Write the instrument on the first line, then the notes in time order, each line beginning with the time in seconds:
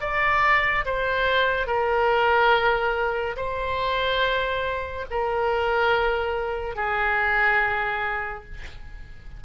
oboe
0.00 D5
0.85 C5
1.66 A#4
3.36 C5
5.10 A#4
6.75 G#4